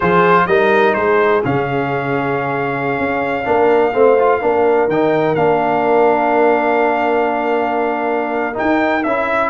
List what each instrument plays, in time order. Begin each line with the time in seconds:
0.00 tuba F3, trombone F4, horn G#4, trumpet C5
0.47 tuba G3, trombone D#4, horn A#4, trumpet D#5
0.94 tuba G#3, horn G#4, trumpet C5
1.44 tuba C#3, trombone C#4, trumpet F5
2.99 tuba C#4
3.44 tuba A#3, trombone D4, horn A#4
3.93 tuba A3, trombone C4, horn C5
4.19 trombone F4
4.40 tuba A#3, trombone D4, horn A#4
4.87 tuba D#3, trombone D#4, trumpet G5
5.34 tuba A#3, trombone D4, trumpet F5
8.53 trombone D#4, trumpet G5
8.60 tuba D#4
9.03 tuba C#4, trombone E4, trumpet E5